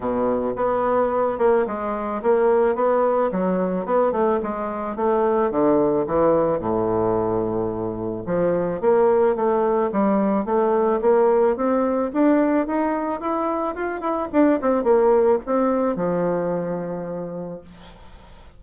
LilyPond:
\new Staff \with { instrumentName = "bassoon" } { \time 4/4 \tempo 4 = 109 b,4 b4. ais8 gis4 | ais4 b4 fis4 b8 a8 | gis4 a4 d4 e4 | a,2. f4 |
ais4 a4 g4 a4 | ais4 c'4 d'4 dis'4 | e'4 f'8 e'8 d'8 c'8 ais4 | c'4 f2. | }